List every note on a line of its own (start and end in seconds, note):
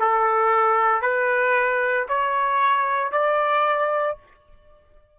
0.00 1.02 A4
1.02 2.07 B4
2.09 3.12 C#5
3.12 4.18 D5